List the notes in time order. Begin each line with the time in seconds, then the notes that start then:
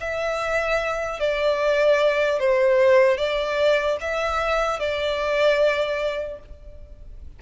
0.00 E5
1.20 D5
2.39 C5
3.17 D5
4.01 E5
4.79 D5